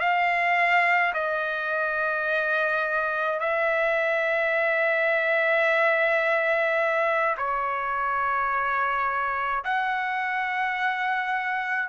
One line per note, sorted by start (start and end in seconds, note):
0.00 1.13 F5
1.14 3.40 D#5
3.40 7.36 E5
7.37 9.64 C#5
9.64 11.89 F#5